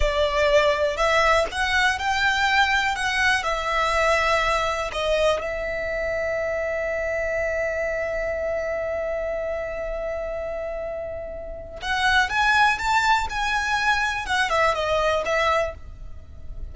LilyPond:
\new Staff \with { instrumentName = "violin" } { \time 4/4 \tempo 4 = 122 d''2 e''4 fis''4 | g''2 fis''4 e''4~ | e''2 dis''4 e''4~ | e''1~ |
e''1~ | e''1 | fis''4 gis''4 a''4 gis''4~ | gis''4 fis''8 e''8 dis''4 e''4 | }